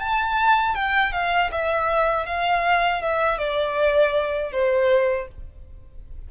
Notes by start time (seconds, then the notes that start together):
0.00 A5
0.75 G5
1.13 F5
1.52 E5
2.26 F5
3.02 E5
3.39 D5
4.52 C5